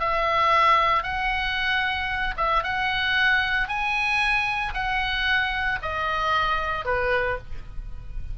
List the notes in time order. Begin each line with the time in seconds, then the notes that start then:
0.00 E5
1.03 F#5
2.37 E5
2.64 F#5
3.68 G#5
4.74 F#5
5.83 D#5
6.85 B4